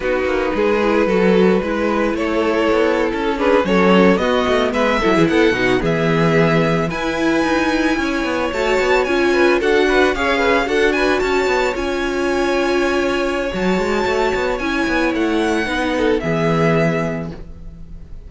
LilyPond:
<<
  \new Staff \with { instrumentName = "violin" } { \time 4/4 \tempo 4 = 111 b'1 | cis''4.~ cis''16 a'8 b'8 cis''4 dis''16~ | dis''8. e''4 fis''4 e''4~ e''16~ | e''8. gis''2. a''16~ |
a''8. gis''4 fis''4 f''4 fis''16~ | fis''16 gis''8 a''4 gis''2~ gis''16~ | gis''4 a''2 gis''4 | fis''2 e''2 | }
  \new Staff \with { instrumentName = "violin" } { \time 4/4 fis'4 gis'4 a'4 b'4 | a'2~ a'16 gis'8 a'4 fis'16~ | fis'8. b'8 a'16 gis'16 a'8 fis'8 gis'4~ gis'16~ | gis'8. b'2 cis''4~ cis''16~ |
cis''4~ cis''16 b'8 a'8 b'8 cis''8 b'8 a'16~ | a'16 b'8 cis''2.~ cis''16~ | cis''1~ | cis''4 b'8 a'8 gis'2 | }
  \new Staff \with { instrumentName = "viola" } { \time 4/4 dis'4. e'8 fis'4 e'4~ | e'2~ e'16 d'8 cis'4 b16~ | b4~ b16 e'4 dis'8 b4~ b16~ | b8. e'2. fis'16~ |
fis'8. f'4 fis'4 gis'4 fis'16~ | fis'4.~ fis'16 f'2~ f'16~ | f'4 fis'2 e'4~ | e'4 dis'4 b2 | }
  \new Staff \with { instrumentName = "cello" } { \time 4/4 b8 ais8 gis4 fis4 gis4 | a4 b8. cis'4 fis4 b16~ | b16 a8 gis8 fis16 e16 b8 b,8 e4~ e16~ | e8. e'4 dis'4 cis'8 b8 a16~ |
a16 b8 cis'4 d'4 cis'4 d'16~ | d'8. cis'8 b8 cis'2~ cis'16~ | cis'4 fis8 gis8 a8 b8 cis'8 b8 | a4 b4 e2 | }
>>